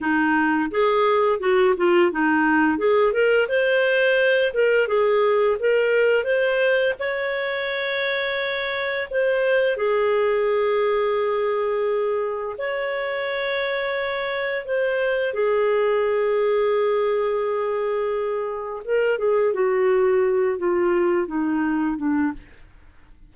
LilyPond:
\new Staff \with { instrumentName = "clarinet" } { \time 4/4 \tempo 4 = 86 dis'4 gis'4 fis'8 f'8 dis'4 | gis'8 ais'8 c''4. ais'8 gis'4 | ais'4 c''4 cis''2~ | cis''4 c''4 gis'2~ |
gis'2 cis''2~ | cis''4 c''4 gis'2~ | gis'2. ais'8 gis'8 | fis'4. f'4 dis'4 d'8 | }